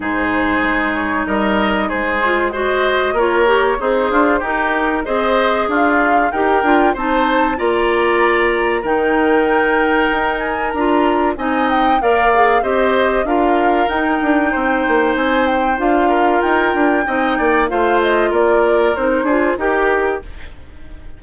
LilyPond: <<
  \new Staff \with { instrumentName = "flute" } { \time 4/4 \tempo 4 = 95 c''4. cis''8 dis''4 c''4 | dis''4 cis''4 c''4 ais'4 | dis''4 f''4 g''4 a''4 | ais''2 g''2~ |
g''8 gis''8 ais''4 gis''8 g''8 f''4 | dis''4 f''4 g''2 | gis''8 g''8 f''4 g''2 | f''8 dis''8 d''4 c''4 ais'4 | }
  \new Staff \with { instrumentName = "oboe" } { \time 4/4 gis'2 ais'4 gis'4 | c''4 ais'4 dis'8 f'8 g'4 | c''4 f'4 ais'4 c''4 | d''2 ais'2~ |
ais'2 dis''4 d''4 | c''4 ais'2 c''4~ | c''4. ais'4. dis''8 d''8 | c''4 ais'4. gis'8 g'4 | }
  \new Staff \with { instrumentName = "clarinet" } { \time 4/4 dis'2.~ dis'8 f'8 | fis'4 f'8 g'8 gis'4 dis'4 | gis'2 g'8 f'8 dis'4 | f'2 dis'2~ |
dis'4 f'4 dis'4 ais'8 gis'8 | g'4 f'4 dis'2~ | dis'4 f'2 dis'4 | f'2 dis'8 f'8 g'4 | }
  \new Staff \with { instrumentName = "bassoon" } { \time 4/4 gis,4 gis4 g4 gis4~ | gis4 ais4 c'8 d'8 dis'4 | c'4 d'4 dis'8 d'8 c'4 | ais2 dis2 |
dis'4 d'4 c'4 ais4 | c'4 d'4 dis'8 d'8 c'8 ais8 | c'4 d'4 dis'8 d'8 c'8 ais8 | a4 ais4 c'8 d'8 dis'4 | }
>>